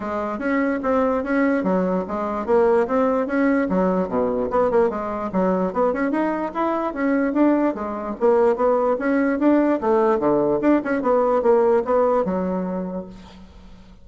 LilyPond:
\new Staff \with { instrumentName = "bassoon" } { \time 4/4 \tempo 4 = 147 gis4 cis'4 c'4 cis'4 | fis4 gis4 ais4 c'4 | cis'4 fis4 b,4 b8 ais8 | gis4 fis4 b8 cis'8 dis'4 |
e'4 cis'4 d'4 gis4 | ais4 b4 cis'4 d'4 | a4 d4 d'8 cis'8 b4 | ais4 b4 fis2 | }